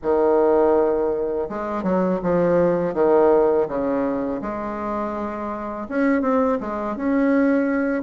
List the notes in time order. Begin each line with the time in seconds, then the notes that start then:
0.02 D#3
1.49 G#3
1.83 F#3
2.23 F3
2.93 D#3
3.68 C#3
4.41 G#3
5.89 C#4
6.21 C4
6.60 G#3
6.96 C#4